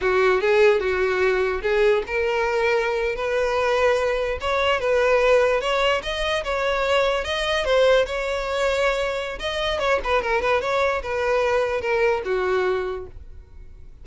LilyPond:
\new Staff \with { instrumentName = "violin" } { \time 4/4 \tempo 4 = 147 fis'4 gis'4 fis'2 | gis'4 ais'2~ ais'8. b'16~ | b'2~ b'8. cis''4 b'16~ | b'4.~ b'16 cis''4 dis''4 cis''16~ |
cis''4.~ cis''16 dis''4 c''4 cis''16~ | cis''2. dis''4 | cis''8 b'8 ais'8 b'8 cis''4 b'4~ | b'4 ais'4 fis'2 | }